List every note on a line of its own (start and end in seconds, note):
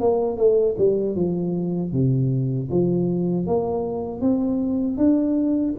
0.00 0.37 A#3
0.37 0.75 A3
0.78 1.15 G3
1.15 1.92 F3
1.92 2.69 C3
2.71 3.46 F3
3.46 4.21 A#3
4.21 4.97 C4
4.97 5.74 D4